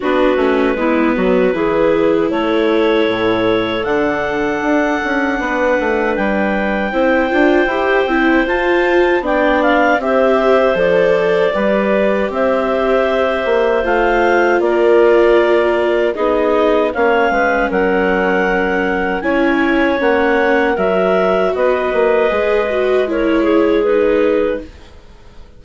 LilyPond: <<
  \new Staff \with { instrumentName = "clarinet" } { \time 4/4 \tempo 4 = 78 b'2. cis''4~ | cis''4 fis''2. | g''2. a''4 | g''8 f''8 e''4 d''2 |
e''2 f''4 d''4~ | d''4 dis''4 f''4 fis''4~ | fis''4 gis''4 fis''4 e''4 | dis''2 cis''4 b'4 | }
  \new Staff \with { instrumentName = "clarinet" } { \time 4/4 fis'4 e'8 fis'8 gis'4 a'4~ | a'2. b'4~ | b'4 c''2. | d''4 c''2 b'4 |
c''2. ais'4~ | ais'4 gis'4 cis''8 b'8 ais'4~ | ais'4 cis''2 ais'4 | b'2 ais'8 gis'4. | }
  \new Staff \with { instrumentName = "viola" } { \time 4/4 d'8 cis'8 b4 e'2~ | e'4 d'2.~ | d'4 e'8 f'8 g'8 e'8 f'4 | d'4 g'4 a'4 g'4~ |
g'2 f'2~ | f'4 dis'4 cis'2~ | cis'4 e'4 cis'4 fis'4~ | fis'4 gis'8 fis'8 e'4 dis'4 | }
  \new Staff \with { instrumentName = "bassoon" } { \time 4/4 b8 a8 gis8 fis8 e4 a4 | a,4 d4 d'8 cis'8 b8 a8 | g4 c'8 d'8 e'8 c'8 f'4 | b4 c'4 f4 g4 |
c'4. ais8 a4 ais4~ | ais4 b4 ais8 gis8 fis4~ | fis4 cis'4 ais4 fis4 | b8 ais8 gis2. | }
>>